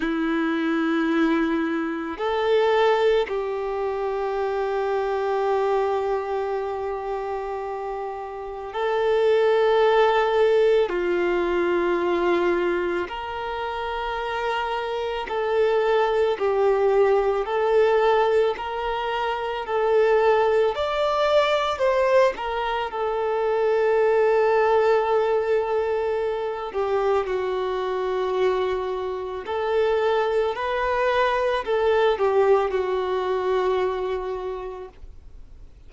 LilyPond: \new Staff \with { instrumentName = "violin" } { \time 4/4 \tempo 4 = 55 e'2 a'4 g'4~ | g'1 | a'2 f'2 | ais'2 a'4 g'4 |
a'4 ais'4 a'4 d''4 | c''8 ais'8 a'2.~ | a'8 g'8 fis'2 a'4 | b'4 a'8 g'8 fis'2 | }